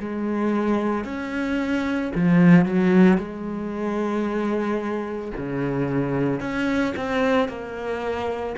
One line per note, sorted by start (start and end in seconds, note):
0.00 1.05 G#3
1.05 2.12 C#4
2.15 2.65 F3
2.65 3.18 F#3
3.18 5.32 G#3
5.37 6.40 C#3
6.40 6.94 C#4
6.96 7.49 C4
7.49 8.56 A#3